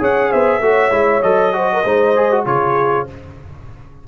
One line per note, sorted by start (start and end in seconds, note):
0.00 0.32 C#4
0.00 0.62 G#4
0.00 0.30 C#5
0.00 0.32 F#5
0.30 0.60 B3
0.30 0.61 C5
0.30 1.23 E5
0.60 0.91 A3
0.60 0.92 F#4
0.60 1.56 C#5
0.91 1.22 G#3
0.91 1.22 E4
1.23 1.85 F#3
1.23 1.53 A4
1.23 2.45 D#5
1.53 1.84 F#4
1.53 1.71 C5
1.73 1.84 A#4
1.84 2.46 G#3
1.84 2.16 D#4
1.84 2.45 C5
2.16 2.32 G#4
2.32 2.46 F#4
2.46 3.07 C#3
2.46 3.08 F4
2.46 3.08 G#4
2.46 3.07 C#5